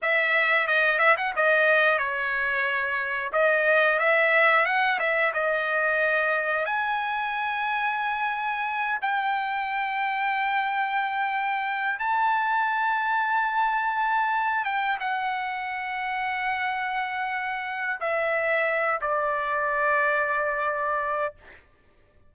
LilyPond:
\new Staff \with { instrumentName = "trumpet" } { \time 4/4 \tempo 4 = 90 e''4 dis''8 e''16 fis''16 dis''4 cis''4~ | cis''4 dis''4 e''4 fis''8 e''8 | dis''2 gis''2~ | gis''4. g''2~ g''8~ |
g''2 a''2~ | a''2 g''8 fis''4.~ | fis''2. e''4~ | e''8 d''2.~ d''8 | }